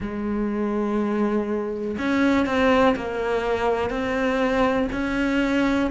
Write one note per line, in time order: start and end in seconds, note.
0.00 1.97 G#3
1.98 2.46 C#4
2.46 2.95 C4
2.96 3.90 A#3
3.90 4.88 C4
4.92 5.90 C#4